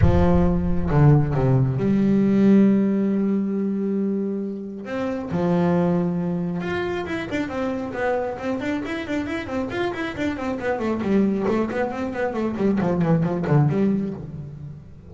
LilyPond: \new Staff \with { instrumentName = "double bass" } { \time 4/4 \tempo 4 = 136 f2 d4 c4 | g1~ | g2. c'4 | f2. f'4 |
e'8 d'8 c'4 b4 c'8 d'8 | e'8 d'8 e'8 c'8 f'8 e'8 d'8 c'8 | b8 a8 g4 a8 b8 c'8 b8 | a8 g8 f8 e8 f8 d8 g4 | }